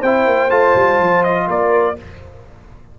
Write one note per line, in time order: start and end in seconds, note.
0.00 0.26 C4
0.00 0.50 E4
0.00 1.46 C5
0.00 0.50 G5
0.26 0.50 A#3
0.50 0.75 A3
0.50 1.96 F4
0.50 1.23 A5
0.75 0.99 G3
0.99 1.48 F3
1.23 1.48 D#5
1.47 1.97 A#3
1.47 1.96 A#4
1.47 1.98 D5